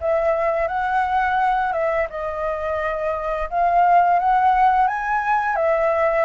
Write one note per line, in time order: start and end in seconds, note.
0.00 0.68 E5
0.68 1.73 F#5
1.73 2.07 E5
2.10 3.49 D#5
3.49 4.19 F5
4.19 4.87 F#5
4.87 5.56 G#5
5.56 6.25 E5